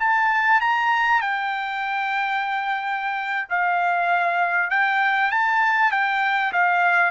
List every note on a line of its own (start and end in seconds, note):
0.00 0.61 A5
0.61 1.21 A#5
1.21 3.48 G5
3.49 4.70 F5
4.70 5.31 G5
5.31 5.91 A5
5.91 6.52 G5
6.53 7.11 F5